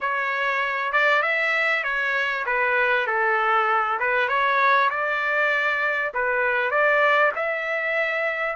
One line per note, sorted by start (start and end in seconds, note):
0.01 0.92 C#5
0.92 1.22 D5
1.22 1.83 E5
1.83 2.45 C#5
2.45 3.06 B4
3.06 3.98 A4
3.99 4.28 B4
4.28 4.89 C#5
4.90 6.12 D5
6.14 6.70 B4
6.70 7.32 D5
7.35 8.55 E5